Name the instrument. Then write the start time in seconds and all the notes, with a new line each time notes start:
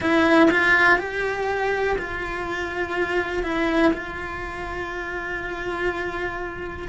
cello
0.00 E4
0.50 F4
0.98 G4
1.98 F4
3.43 E4
3.93 F4